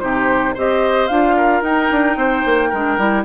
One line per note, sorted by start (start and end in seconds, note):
0.00 0.56 C3
0.00 0.55 D#4
0.00 0.55 G4
0.00 0.54 C5
0.55 1.10 C4
0.55 1.10 G4
0.55 1.36 C5
0.55 1.08 D#5
1.08 1.62 D4
1.08 1.64 F4
1.08 1.62 F5
1.37 2.18 A#4
1.62 1.89 D#4
1.62 2.73 D#4
1.62 3.25 G5
1.91 2.16 D4
2.16 2.43 C4
2.16 2.69 C5
2.45 2.73 A#3
2.69 2.98 G#3
2.69 3.23 A#4
2.75 2.99 D4
2.98 3.25 G3
2.98 3.25 E4